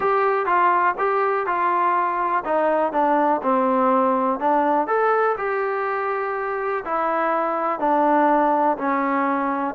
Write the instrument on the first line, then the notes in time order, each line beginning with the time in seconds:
trombone
0.00 G4
0.45 F4
0.98 G4
1.46 F4
2.44 D#4
2.92 D4
3.42 C4
4.39 D4
4.87 A4
5.37 G4
6.84 E4
7.79 D4
8.77 C#4